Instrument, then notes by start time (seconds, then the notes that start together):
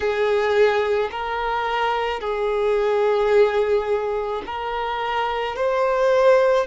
violin
0.00 G#4
1.11 A#4
2.20 G#4
4.45 A#4
5.56 C5